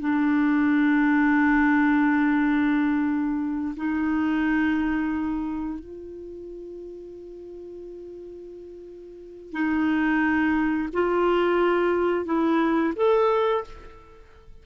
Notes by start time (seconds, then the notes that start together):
0.00 D4
3.77 D#4
5.80 F4
9.53 D#4
10.93 F4
12.26 E4
12.96 A4